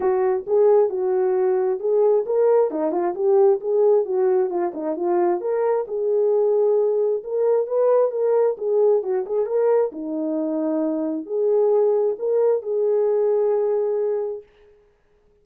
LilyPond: \new Staff \with { instrumentName = "horn" } { \time 4/4 \tempo 4 = 133 fis'4 gis'4 fis'2 | gis'4 ais'4 dis'8 f'8 g'4 | gis'4 fis'4 f'8 dis'8 f'4 | ais'4 gis'2. |
ais'4 b'4 ais'4 gis'4 | fis'8 gis'8 ais'4 dis'2~ | dis'4 gis'2 ais'4 | gis'1 | }